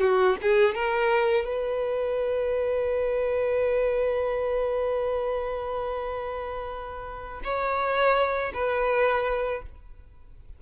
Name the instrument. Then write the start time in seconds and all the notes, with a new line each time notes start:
violin
0.00 F#4
0.41 G#4
0.75 A#4
1.45 B4
7.44 C#5
8.54 B4